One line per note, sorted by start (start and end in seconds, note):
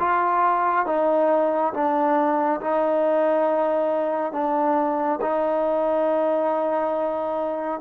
0.00 0.87 F4
0.87 1.74 D#4
1.74 2.61 D4
2.61 4.33 D#4
4.33 5.20 D4
5.22 7.81 D#4